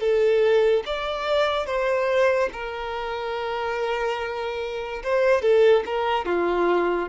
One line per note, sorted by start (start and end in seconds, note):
0.00 0.83 A4
0.86 1.66 D5
1.66 2.49 C5
2.53 5.03 A#4
5.03 5.42 C5
5.42 5.83 A4
5.86 6.25 A#4
6.25 7.09 F4